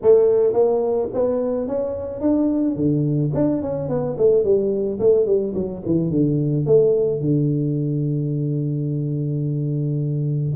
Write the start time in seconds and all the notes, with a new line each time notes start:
0.02 A3
0.53 A#3
1.13 B3
1.67 C#4
2.20 D4
2.75 D3
3.34 D4
3.62 C#4
3.88 B3
4.17 A3
4.43 G3
4.99 A3
5.26 G3
5.54 F#3
5.85 E3
6.10 D3
6.66 A3
7.20 D3